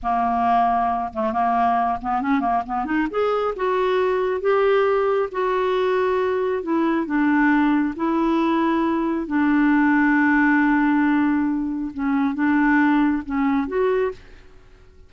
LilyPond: \new Staff \with { instrumentName = "clarinet" } { \time 4/4 \tempo 4 = 136 ais2~ ais8 a8 ais4~ | ais8 b8 cis'8 ais8 b8 dis'8 gis'4 | fis'2 g'2 | fis'2. e'4 |
d'2 e'2~ | e'4 d'2.~ | d'2. cis'4 | d'2 cis'4 fis'4 | }